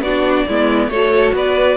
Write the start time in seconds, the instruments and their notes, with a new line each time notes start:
0.00 cello B3, viola D4, violin F#4 D5
0.48 cello G#3, viola B3, violin E4
0.88 cello A3, viola F#4, violin A4 C#5
1.33 cello B3, violin B4 D5